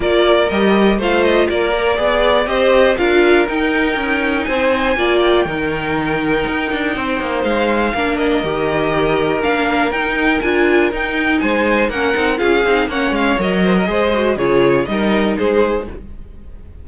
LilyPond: <<
  \new Staff \with { instrumentName = "violin" } { \time 4/4 \tempo 4 = 121 d''4 dis''4 f''8 dis''8 d''4~ | d''4 dis''4 f''4 g''4~ | g''4 gis''4. g''4.~ | g''2. f''4~ |
f''8 dis''2~ dis''8 f''4 | g''4 gis''4 g''4 gis''4 | fis''4 f''4 fis''8 f''8 dis''4~ | dis''4 cis''4 dis''4 c''4 | }
  \new Staff \with { instrumentName = "violin" } { \time 4/4 ais'2 c''4 ais'4 | d''4 c''4 ais'2~ | ais'4 c''4 d''4 ais'4~ | ais'2 c''2 |
ais'1~ | ais'2. c''4 | ais'4 gis'4 cis''4. c''16 ais'16 | c''4 gis'4 ais'4 gis'4 | }
  \new Staff \with { instrumentName = "viola" } { \time 4/4 f'4 g'4 f'4. ais'8 | gis'4 g'4 f'4 dis'4~ | dis'2 f'4 dis'4~ | dis'1 |
d'4 g'2 d'4 | dis'4 f'4 dis'2 | cis'8 dis'8 f'8 dis'8 cis'4 ais'4 | gis'8 fis'8 f'4 dis'2 | }
  \new Staff \with { instrumentName = "cello" } { \time 4/4 ais4 g4 a4 ais4 | b4 c'4 d'4 dis'4 | cis'4 c'4 ais4 dis4~ | dis4 dis'8 d'8 c'8 ais8 gis4 |
ais4 dis2 ais4 | dis'4 d'4 dis'4 gis4 | ais8 c'8 cis'8 c'8 ais8 gis8 fis4 | gis4 cis4 g4 gis4 | }
>>